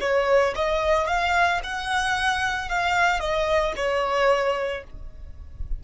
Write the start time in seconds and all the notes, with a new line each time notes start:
0.00 C#5
0.56 D#5
1.07 F5
1.64 F#5
2.69 F5
3.20 D#5
3.76 C#5